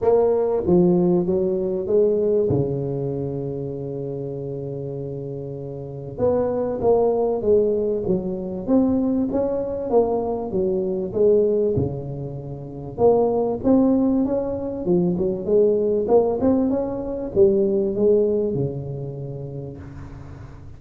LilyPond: \new Staff \with { instrumentName = "tuba" } { \time 4/4 \tempo 4 = 97 ais4 f4 fis4 gis4 | cis1~ | cis2 b4 ais4 | gis4 fis4 c'4 cis'4 |
ais4 fis4 gis4 cis4~ | cis4 ais4 c'4 cis'4 | f8 fis8 gis4 ais8 c'8 cis'4 | g4 gis4 cis2 | }